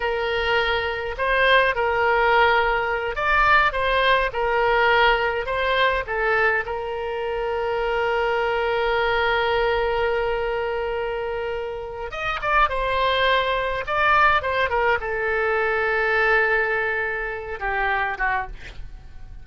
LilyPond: \new Staff \with { instrumentName = "oboe" } { \time 4/4 \tempo 4 = 104 ais'2 c''4 ais'4~ | ais'4. d''4 c''4 ais'8~ | ais'4. c''4 a'4 ais'8~ | ais'1~ |
ais'1~ | ais'4 dis''8 d''8 c''2 | d''4 c''8 ais'8 a'2~ | a'2~ a'8 g'4 fis'8 | }